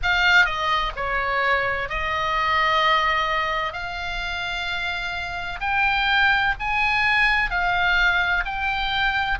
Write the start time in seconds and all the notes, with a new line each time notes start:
0.03 F5
0.45 D#5
0.95 C#5
1.89 D#5
3.72 F5
5.60 G5
6.59 G#5
7.50 F5
8.45 G5